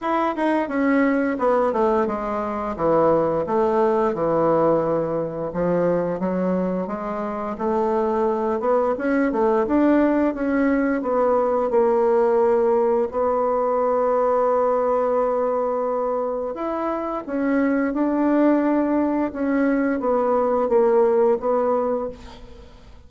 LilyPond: \new Staff \with { instrumentName = "bassoon" } { \time 4/4 \tempo 4 = 87 e'8 dis'8 cis'4 b8 a8 gis4 | e4 a4 e2 | f4 fis4 gis4 a4~ | a8 b8 cis'8 a8 d'4 cis'4 |
b4 ais2 b4~ | b1 | e'4 cis'4 d'2 | cis'4 b4 ais4 b4 | }